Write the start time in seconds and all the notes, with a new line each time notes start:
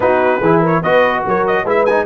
0.00 B3 D#4 F#4 B4
0.40 E3 E4 G#4
0.61 A#4 C#5
0.82 B3 F#4 B4 D#5
1.26 F#3 A#4 C#5
1.46 D#5
1.63 G#3 E4 B4 E5
1.85 D#4 G#5